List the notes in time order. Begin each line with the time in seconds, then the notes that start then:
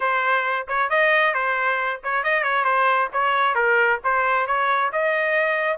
0.00 C5
0.67 C#5
0.89 D#5
1.34 C5
2.03 C#5
2.23 D#5
2.43 C#5
2.64 C5
3.12 C#5
3.55 A#4
4.04 C5
4.46 C#5
4.92 D#5